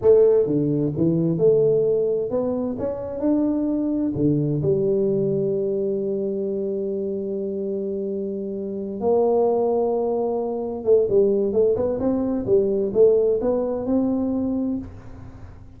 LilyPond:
\new Staff \with { instrumentName = "tuba" } { \time 4/4 \tempo 4 = 130 a4 d4 e4 a4~ | a4 b4 cis'4 d'4~ | d'4 d4 g2~ | g1~ |
g2.~ g8 ais8~ | ais2.~ ais8 a8 | g4 a8 b8 c'4 g4 | a4 b4 c'2 | }